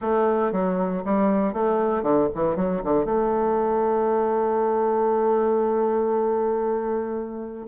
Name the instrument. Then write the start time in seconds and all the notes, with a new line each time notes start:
bassoon
0.01 A3
0.52 F#3
1.05 G3
1.53 A3
2.02 D3
2.34 E3
2.56 F#3
2.84 D3
3.05 A3